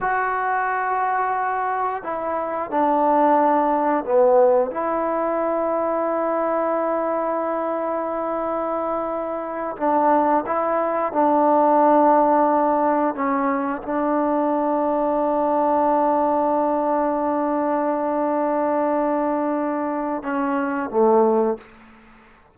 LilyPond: \new Staff \with { instrumentName = "trombone" } { \time 4/4 \tempo 4 = 89 fis'2. e'4 | d'2 b4 e'4~ | e'1~ | e'2~ e'8 d'4 e'8~ |
e'8 d'2. cis'8~ | cis'8 d'2.~ d'8~ | d'1~ | d'2 cis'4 a4 | }